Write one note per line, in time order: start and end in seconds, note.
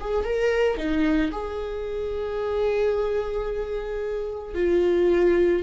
0.00 0.25 G#4
0.25 0.77 A#4
0.77 1.31 D#4
1.31 4.55 G#4
4.55 5.63 F4